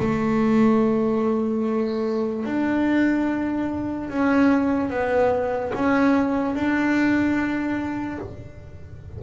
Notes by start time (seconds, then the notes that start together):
0.00 A3
2.46 D4
4.10 C#4
4.91 B3
5.75 C#4
6.55 D4